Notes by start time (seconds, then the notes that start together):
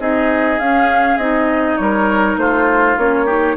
0.00 C4 D#4 G#4 D#5
0.60 C#4 F5
1.18 C4 D#4 D#5
1.78 G3 A#4 C#5
2.37 A3 F4 C5
2.98 A#3 C#4 C#5
3.26 D#4 G4